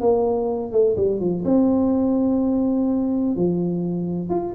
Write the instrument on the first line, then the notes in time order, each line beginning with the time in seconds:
tuba
0.00 A#3
0.72 A3
0.96 G3
1.20 F3
1.44 C4
3.36 F3
4.29 F4